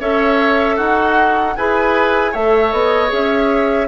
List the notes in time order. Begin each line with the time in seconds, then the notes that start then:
0.00 C#4 A4 C#5 E5
0.76 D#4 F#4 F#5
1.56 E4 G#4 B4 G#5
2.32 A3 A4 C#5 E5
2.72 B3 D#5
3.08 C#4 G#4 E5